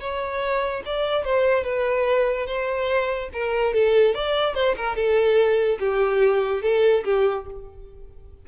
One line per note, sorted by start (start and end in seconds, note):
0.00 0.83 C#5
0.85 1.24 D5
1.24 1.64 C5
1.64 2.46 B4
2.46 3.29 C5
3.33 3.74 A#4
3.74 4.15 A4
4.15 4.55 D5
4.55 4.75 C5
4.76 4.96 A#4
4.96 5.78 A4
5.79 6.62 G4
6.62 7.04 A4
7.04 7.45 G4